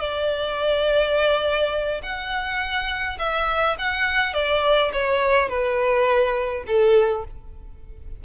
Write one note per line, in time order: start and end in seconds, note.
0.00 2.02 D5
2.03 3.18 F#5
3.19 3.77 E5
3.79 4.34 F#5
4.34 4.92 D5
4.93 5.49 C#5
5.49 6.65 B4
6.67 7.25 A4